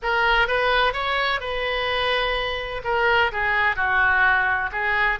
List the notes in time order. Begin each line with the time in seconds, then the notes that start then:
0.02 A#4
0.47 B4
0.93 C#5
1.40 B4
2.84 A#4
3.32 G#4
3.76 F#4
4.72 G#4